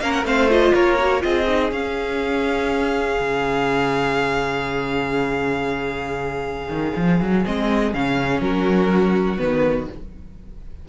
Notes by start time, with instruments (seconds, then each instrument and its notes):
0.00 cello A#3, viola C#4, violin A#4 F5
0.11 violin F#5
0.23 cello A3, viola C4, violin C5 F5
0.49 viola F4, violin D#5
0.73 cello A#3, violin A#4 C#5
0.99 viola F#4
1.20 cello C4, viola F4, violin G#4 D#5
1.47 viola D#4
1.71 cello C#4, viola C#4, violin F5
3.19 cello C#3
6.68 cello D#3
6.96 cello F3
7.20 cello F#3
7.44 cello G#3, viola C4, violin D#5
7.93 cello C#3, viola C#4, violin F5
8.40 cello F#3, violin F#4 A#4
9.37 cello D#3, viola B3, violin B4